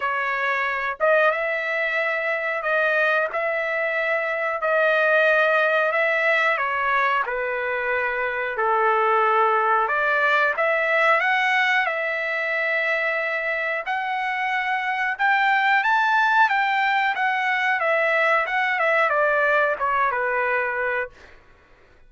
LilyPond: \new Staff \with { instrumentName = "trumpet" } { \time 4/4 \tempo 4 = 91 cis''4. dis''8 e''2 | dis''4 e''2 dis''4~ | dis''4 e''4 cis''4 b'4~ | b'4 a'2 d''4 |
e''4 fis''4 e''2~ | e''4 fis''2 g''4 | a''4 g''4 fis''4 e''4 | fis''8 e''8 d''4 cis''8 b'4. | }